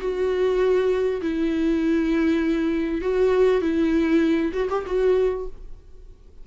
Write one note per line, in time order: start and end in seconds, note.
0.00 1.21 F#4
1.22 3.02 E4
3.02 3.62 F#4
3.62 4.53 E4
4.53 4.69 F#4
4.70 4.85 G4
4.87 5.47 F#4